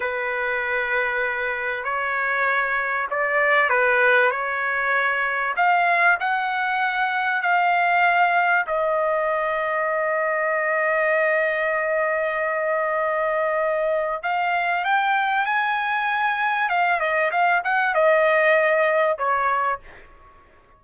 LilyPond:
\new Staff \with { instrumentName = "trumpet" } { \time 4/4 \tempo 4 = 97 b'2. cis''4~ | cis''4 d''4 b'4 cis''4~ | cis''4 f''4 fis''2 | f''2 dis''2~ |
dis''1~ | dis''2. f''4 | g''4 gis''2 f''8 dis''8 | f''8 fis''8 dis''2 cis''4 | }